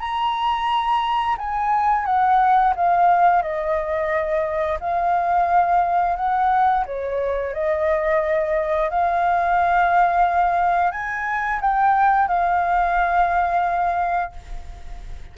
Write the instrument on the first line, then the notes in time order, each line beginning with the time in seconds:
flute
0.00 A#5
1.38 G#5
2.06 F#5
2.76 F5
3.42 D#5
4.80 F5
6.16 F#5
6.86 C#5
7.53 D#5
8.90 F5
10.92 G#5
11.61 G5
12.28 F5